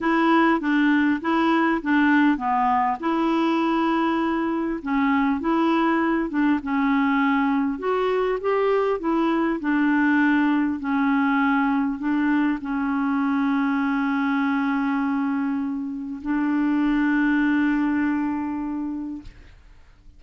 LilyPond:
\new Staff \with { instrumentName = "clarinet" } { \time 4/4 \tempo 4 = 100 e'4 d'4 e'4 d'4 | b4 e'2. | cis'4 e'4. d'8 cis'4~ | cis'4 fis'4 g'4 e'4 |
d'2 cis'2 | d'4 cis'2.~ | cis'2. d'4~ | d'1 | }